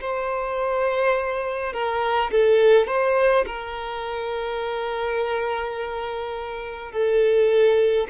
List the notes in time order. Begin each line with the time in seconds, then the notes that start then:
0.00 C5
1.73 A#4
2.31 A4
2.87 C5
3.46 A#4
6.91 A4